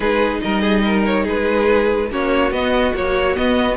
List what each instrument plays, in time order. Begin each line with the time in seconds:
0.00 cello G#3, viola D#4, violin G#4 B4
0.41 cello G3, violin A#4 D#5
0.61 violin G#4
0.84 violin A#4
1.05 violin C#5
1.23 cello G#3, violin G#4 B4
2.10 cello A#3, viola C#4, violin F#4 C#5
2.51 cello B3, viola B3, violin D#5
2.94 viola F#3, cello A#3, violin C#5
3.36 viola B3, cello B3, violin D#5